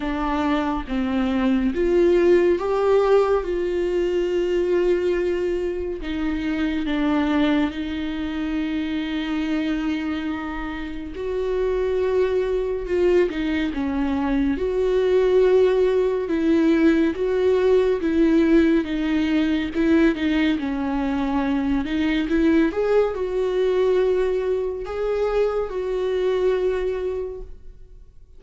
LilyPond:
\new Staff \with { instrumentName = "viola" } { \time 4/4 \tempo 4 = 70 d'4 c'4 f'4 g'4 | f'2. dis'4 | d'4 dis'2.~ | dis'4 fis'2 f'8 dis'8 |
cis'4 fis'2 e'4 | fis'4 e'4 dis'4 e'8 dis'8 | cis'4. dis'8 e'8 gis'8 fis'4~ | fis'4 gis'4 fis'2 | }